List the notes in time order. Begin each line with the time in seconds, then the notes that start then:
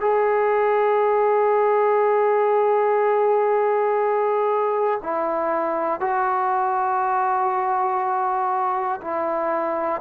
0.00 G#4
5.02 E4
6.00 F#4
9.01 E4